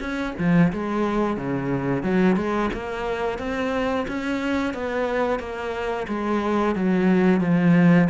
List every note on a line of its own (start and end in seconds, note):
0.00 0.34 C#4
0.39 0.72 F3
0.73 1.37 G#3
1.37 2.03 C#3
2.03 2.36 F#3
2.36 2.70 G#3
2.73 3.39 A#3
3.39 4.06 C4
4.08 4.74 C#4
4.74 5.39 B3
5.39 6.07 A#3
6.08 6.75 G#3
6.75 7.41 F#3
7.41 8.08 F3